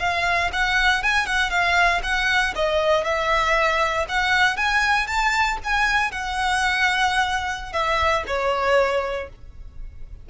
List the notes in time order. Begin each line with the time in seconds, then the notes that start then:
0.00 F5
0.53 F#5
1.04 G#5
1.27 F#5
1.50 F5
2.03 F#5
2.56 D#5
3.05 E5
4.09 F#5
4.57 G#5
5.07 A5
5.64 G#5
6.12 F#5
7.73 E5
8.27 C#5